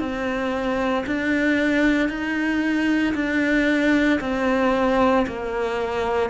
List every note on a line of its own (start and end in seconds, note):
0.00 1.05 C4
1.07 2.09 D4
2.09 3.14 D#4
3.15 4.20 D4
4.21 5.26 C4
5.27 6.31 A#3